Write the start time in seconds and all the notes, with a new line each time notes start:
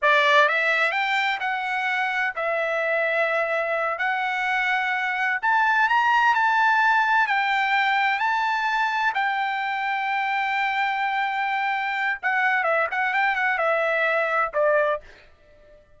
0.01 D5
0.48 E5
0.91 G5
1.39 F#5
2.35 E5
3.98 F#5
5.42 A5
5.88 A#5
6.34 A5
7.27 G5
8.19 A5
9.14 G5
12.22 F#5
12.63 E5
12.91 F#5
13.13 G5
13.35 F#5
13.58 E5
14.53 D5